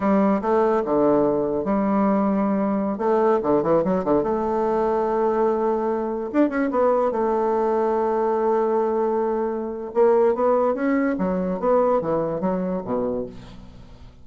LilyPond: \new Staff \with { instrumentName = "bassoon" } { \time 4/4 \tempo 4 = 145 g4 a4 d2 | g2.~ g16 a8.~ | a16 d8 e8 fis8 d8 a4.~ a16~ | a2.~ a16 d'8 cis'16~ |
cis'16 b4 a2~ a8.~ | a1 | ais4 b4 cis'4 fis4 | b4 e4 fis4 b,4 | }